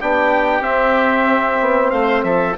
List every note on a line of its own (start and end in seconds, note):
0.00 0.61 B3
0.00 0.63 D4
0.00 1.93 G4
0.00 0.64 G5
0.61 1.57 C4
0.61 2.56 C4
0.61 1.91 E5
1.61 1.92 B3
1.91 2.24 A3
1.91 2.25 C5
1.91 2.23 F5
2.24 2.56 F3
2.24 2.58 A4
2.24 2.56 E5